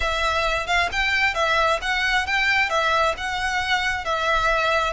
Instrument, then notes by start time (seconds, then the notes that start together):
violin
0.00 E5
0.66 F5
0.92 G5
1.34 E5
1.81 F#5
2.26 G5
2.69 E5
3.17 F#5
4.04 E5